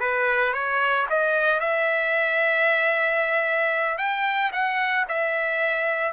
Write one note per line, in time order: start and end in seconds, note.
0.00 0.53 B4
0.53 1.06 C#5
1.10 1.60 D#5
1.60 3.98 E5
3.98 4.51 G5
4.53 5.06 F#5
5.09 6.13 E5